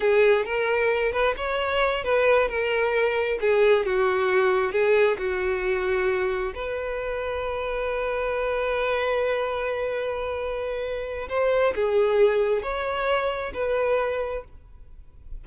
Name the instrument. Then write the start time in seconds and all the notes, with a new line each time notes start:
violin
0.00 G#4
0.45 A#4
1.12 B4
1.36 C#5
2.04 B4
2.48 A#4
3.40 G#4
3.85 F#4
4.72 G#4
5.18 F#4
6.55 B4
11.29 C5
11.75 G#4
12.62 C#5
13.53 B4